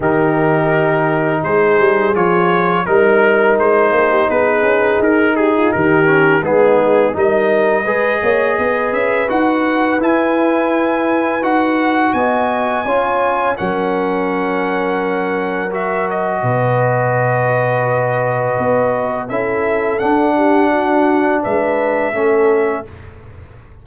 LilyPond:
<<
  \new Staff \with { instrumentName = "trumpet" } { \time 4/4 \tempo 4 = 84 ais'2 c''4 cis''4 | ais'4 c''4 b'4 ais'8 gis'8 | ais'4 gis'4 dis''2~ | dis''8 e''8 fis''4 gis''2 |
fis''4 gis''2 fis''4~ | fis''2 e''8 dis''4.~ | dis''2. e''4 | fis''2 e''2 | }
  \new Staff \with { instrumentName = "horn" } { \time 4/4 g'2 gis'2 | ais'4. gis'16 g'16 gis'4. g'16 f'16 | g'4 dis'4 ais'4 b'8 cis''8 | b'1~ |
b'4 dis''4 cis''4 ais'4~ | ais'2. b'4~ | b'2. a'4~ | a'8 g'8 fis'4 b'4 a'4 | }
  \new Staff \with { instrumentName = "trombone" } { \time 4/4 dis'2. f'4 | dis'1~ | dis'8 cis'8 b4 dis'4 gis'4~ | gis'4 fis'4 e'2 |
fis'2 f'4 cis'4~ | cis'2 fis'2~ | fis'2. e'4 | d'2. cis'4 | }
  \new Staff \with { instrumentName = "tuba" } { \time 4/4 dis2 gis8 g8 f4 | g4 gis8 ais8 b8 cis'8 dis'4 | dis4 gis4 g4 gis8 ais8 | b8 cis'8 dis'4 e'2 |
dis'4 b4 cis'4 fis4~ | fis2. b,4~ | b,2 b4 cis'4 | d'2 gis4 a4 | }
>>